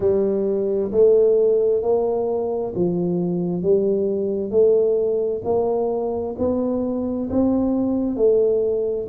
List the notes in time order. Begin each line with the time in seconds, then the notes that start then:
0.00 G3
0.91 A3
1.82 A#3
2.75 F3
3.62 G3
4.50 A3
5.44 A#3
6.38 B3
7.30 C4
8.16 A3